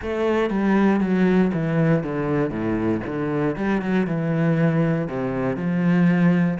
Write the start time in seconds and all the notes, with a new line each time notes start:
0.02 A3
0.50 G3
1.00 F#3
1.53 E3
2.03 D3
2.50 A2
3.06 D3
3.56 G3
3.81 F#3
4.06 E3
5.08 C3
5.56 F3